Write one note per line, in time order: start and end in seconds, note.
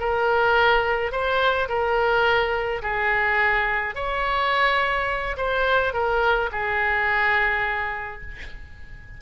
0.00 1.12 A#4
1.12 1.68 C5
1.69 2.82 A#4
2.82 3.95 G#4
3.95 5.36 C#5
5.37 5.93 C5
5.93 6.50 A#4
6.52 8.22 G#4